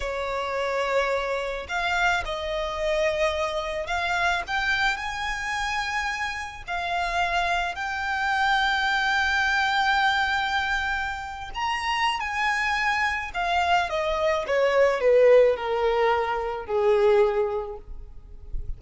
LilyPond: \new Staff \with { instrumentName = "violin" } { \time 4/4 \tempo 4 = 108 cis''2. f''4 | dis''2. f''4 | g''4 gis''2. | f''2 g''2~ |
g''1~ | g''8. ais''4~ ais''16 gis''2 | f''4 dis''4 cis''4 b'4 | ais'2 gis'2 | }